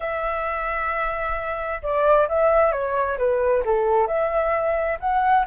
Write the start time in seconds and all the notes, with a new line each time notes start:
0.00 E5
1.82 D5
2.28 E5
2.72 C#5
3.18 B4
3.64 A4
4.07 E5
5.00 F#5